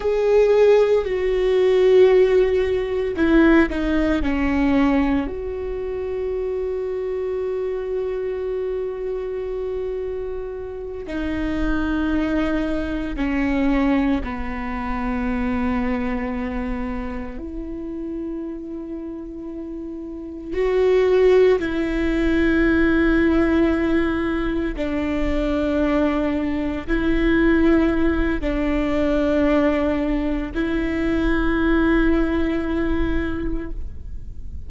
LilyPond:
\new Staff \with { instrumentName = "viola" } { \time 4/4 \tempo 4 = 57 gis'4 fis'2 e'8 dis'8 | cis'4 fis'2.~ | fis'2~ fis'8 dis'4.~ | dis'8 cis'4 b2~ b8~ |
b8 e'2. fis'8~ | fis'8 e'2. d'8~ | d'4. e'4. d'4~ | d'4 e'2. | }